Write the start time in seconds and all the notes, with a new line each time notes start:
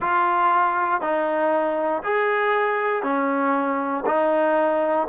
0.00 F4
1.01 D#4
2.03 G#4
3.02 C#4
4.05 D#4